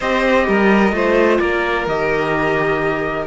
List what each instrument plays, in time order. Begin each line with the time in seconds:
0.00 cello C4, viola G4, violin C5, trumpet D#5
0.48 cello G3, violin A#4
0.92 cello A3, viola F4, violin C5
1.39 cello A#3, violin A#4, trumpet D5
1.86 cello D#3, viola G4, trumpet D#5